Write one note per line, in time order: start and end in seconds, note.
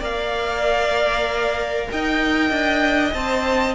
0.00 1.89 A#3
0.00 3.14 A#4
0.00 1.88 D5
0.00 1.91 F5
1.91 2.51 D#4
1.91 3.75 D#5
1.91 3.13 G5
2.51 3.13 D4
3.13 3.75 C4
3.13 3.75 C5
3.13 3.75 A5